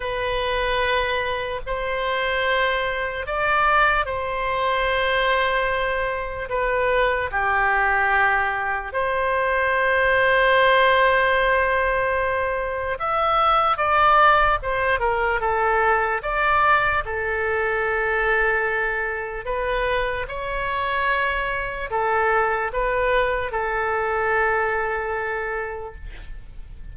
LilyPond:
\new Staff \with { instrumentName = "oboe" } { \time 4/4 \tempo 4 = 74 b'2 c''2 | d''4 c''2. | b'4 g'2 c''4~ | c''1 |
e''4 d''4 c''8 ais'8 a'4 | d''4 a'2. | b'4 cis''2 a'4 | b'4 a'2. | }